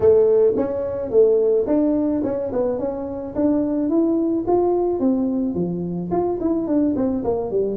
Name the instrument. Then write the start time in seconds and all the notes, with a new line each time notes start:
tuba
0.00 A3
0.56 C#4
1.10 A3
1.66 D4
2.23 C#4
2.52 B3
2.79 C#4
3.35 D4
3.89 E4
4.47 F4
4.99 C4
5.54 F3
6.11 F4
6.40 E4
6.67 D4
6.95 C4
7.23 A#3
7.50 G3